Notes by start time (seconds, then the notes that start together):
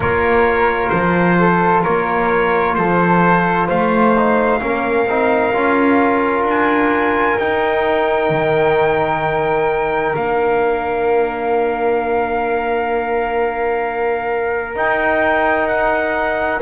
0.00 A#3 F4 A#4 C#5
0.89 F3 C5
1.39 A4
1.82 A#3 A#4 C#5
2.74 F3 A4 C5
3.66 A3 C5 F5
4.15 D#4
4.60 A#3 C#4 A#4
5.06 C4 D#4
5.53 C#4 F4
6.42 D4
6.49 G#5
7.38 D#4 G5
8.29 D#3
10.15 A#3 D4 F5
14.75 D#4 G5
15.67 F#5